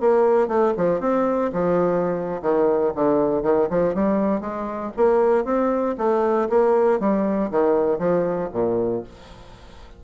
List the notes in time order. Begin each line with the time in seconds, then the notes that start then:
0.00 A#3
0.48 A3
0.77 F3
1.00 C4
1.53 F3
2.42 D#3
2.95 D3
3.43 D#3
3.70 F3
3.95 G3
4.41 G#3
4.96 A#3
5.45 C4
5.98 A3
6.49 A#3
7.00 G3
7.51 D#3
7.99 F3
8.53 A#2